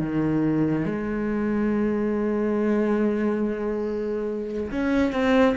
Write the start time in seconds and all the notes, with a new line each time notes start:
0.00 D#3
0.86 G#3
4.71 C#4
5.13 C4